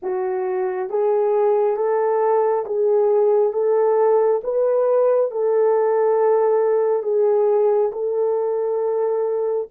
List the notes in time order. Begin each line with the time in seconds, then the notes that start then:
0.02 F#4
0.89 G#4
1.76 A4
2.65 G#4
3.53 A4
4.43 B4
5.31 A4
7.02 G#4
7.92 A4